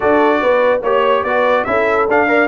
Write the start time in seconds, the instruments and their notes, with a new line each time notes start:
0.00 tuba D4, trombone F#4, horn A4, trumpet D5
0.40 tuba B3, horn B4
0.81 tuba A#3, trombone G4, trumpet C#5, horn C#5
1.23 tuba B3, trombone F#4, horn B4, trumpet D5
1.64 tuba C#4, trombone E4, horn A4, trumpet E5
2.08 tuba D4, trombone D4, trumpet F5
2.28 trombone A#4, horn D5